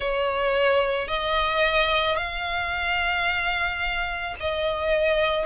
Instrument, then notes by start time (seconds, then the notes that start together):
violin
0.00 C#5
1.08 D#5
2.17 F5
4.39 D#5